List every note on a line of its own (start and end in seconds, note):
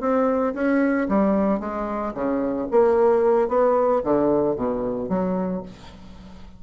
0.00 0.54 C4
0.54 1.08 C#4
1.09 1.59 G3
1.59 2.13 G#3
2.14 2.68 C#3
2.71 3.48 A#3
3.48 4.02 B3
4.04 4.55 D3
4.55 5.09 B2
5.09 5.62 F#3